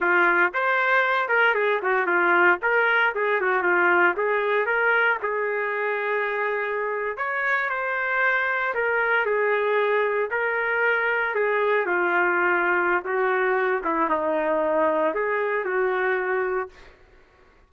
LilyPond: \new Staff \with { instrumentName = "trumpet" } { \time 4/4 \tempo 4 = 115 f'4 c''4. ais'8 gis'8 fis'8 | f'4 ais'4 gis'8 fis'8 f'4 | gis'4 ais'4 gis'2~ | gis'4.~ gis'16 cis''4 c''4~ c''16~ |
c''8. ais'4 gis'2 ais'16~ | ais'4.~ ais'16 gis'4 f'4~ f'16~ | f'4 fis'4. e'8 dis'4~ | dis'4 gis'4 fis'2 | }